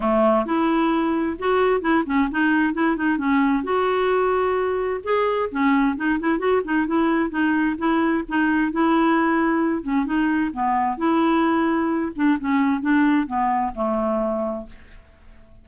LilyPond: \new Staff \with { instrumentName = "clarinet" } { \time 4/4 \tempo 4 = 131 a4 e'2 fis'4 | e'8 cis'8 dis'4 e'8 dis'8 cis'4 | fis'2. gis'4 | cis'4 dis'8 e'8 fis'8 dis'8 e'4 |
dis'4 e'4 dis'4 e'4~ | e'4. cis'8 dis'4 b4 | e'2~ e'8 d'8 cis'4 | d'4 b4 a2 | }